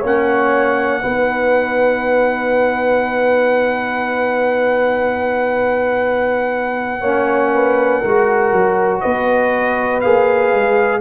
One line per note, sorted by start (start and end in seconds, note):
0.00 1.03 A#3
0.00 1.03 C#4
0.00 1.00 C#5
0.06 9.01 F#5
1.02 7.02 B3
1.02 7.03 D#4
1.02 7.01 B4
7.01 8.02 A#3
7.01 8.05 C#4
7.01 7.51 C#5
7.55 8.01 B4
8.01 8.53 G#3
8.01 10.03 F#4
8.01 9.01 A#4
8.53 9.03 F#3
9.01 10.05 B3
9.01 11.01 B4
9.01 10.01 D#5
10.01 10.53 A#3
10.01 11.01 G#4
10.01 11.01 F5
10.53 11.01 G#3